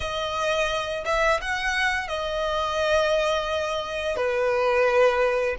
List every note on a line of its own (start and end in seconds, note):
0.00 1.04 D#5
1.05 1.40 E5
1.41 2.07 F#5
2.07 4.16 D#5
4.16 5.56 B4